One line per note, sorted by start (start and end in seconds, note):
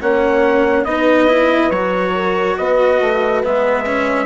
0.00 0.84 A#3
0.00 0.86 C#4
0.00 0.87 C#5
0.00 0.84 F#5
0.84 1.69 B3
0.84 1.28 D#4
0.84 2.14 B4
0.84 1.70 D#5
1.28 1.71 E4
1.69 2.55 F#3
1.69 3.43 F#4
1.69 2.56 C#5
2.14 2.57 A#4
2.57 3.00 B3
2.57 4.26 B4
2.57 3.42 D#5
3.00 3.43 A3
3.43 4.26 G#3
3.43 3.86 B3
3.43 4.26 E5
3.86 4.26 C#4